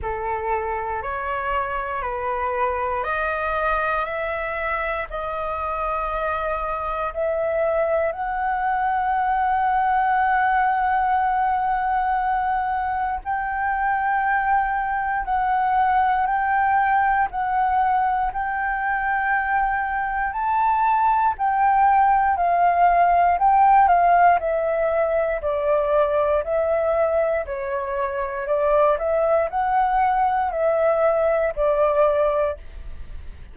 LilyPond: \new Staff \with { instrumentName = "flute" } { \time 4/4 \tempo 4 = 59 a'4 cis''4 b'4 dis''4 | e''4 dis''2 e''4 | fis''1~ | fis''4 g''2 fis''4 |
g''4 fis''4 g''2 | a''4 g''4 f''4 g''8 f''8 | e''4 d''4 e''4 cis''4 | d''8 e''8 fis''4 e''4 d''4 | }